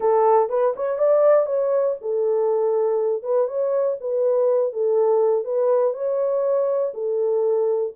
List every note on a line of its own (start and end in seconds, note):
0.00 0.49 A4
0.49 0.74 B4
0.76 0.98 C#5
0.98 1.46 D5
1.46 1.95 C#5
2.01 3.22 A4
3.22 3.47 B4
3.47 3.97 C#5
4.00 4.72 B4
4.72 5.44 A4
5.44 5.93 B4
5.93 6.92 C#5
6.94 7.93 A4